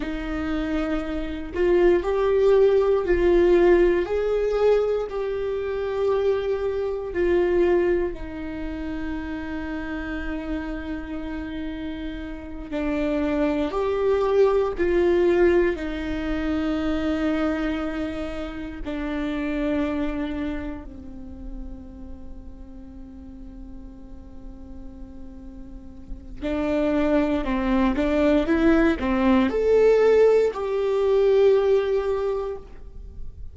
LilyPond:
\new Staff \with { instrumentName = "viola" } { \time 4/4 \tempo 4 = 59 dis'4. f'8 g'4 f'4 | gis'4 g'2 f'4 | dis'1~ | dis'8 d'4 g'4 f'4 dis'8~ |
dis'2~ dis'8 d'4.~ | d'8 c'2.~ c'8~ | c'2 d'4 c'8 d'8 | e'8 c'8 a'4 g'2 | }